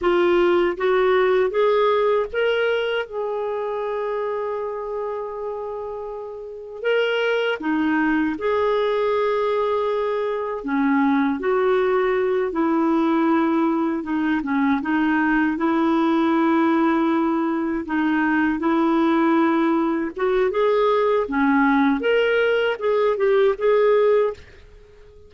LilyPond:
\new Staff \with { instrumentName = "clarinet" } { \time 4/4 \tempo 4 = 79 f'4 fis'4 gis'4 ais'4 | gis'1~ | gis'4 ais'4 dis'4 gis'4~ | gis'2 cis'4 fis'4~ |
fis'8 e'2 dis'8 cis'8 dis'8~ | dis'8 e'2. dis'8~ | dis'8 e'2 fis'8 gis'4 | cis'4 ais'4 gis'8 g'8 gis'4 | }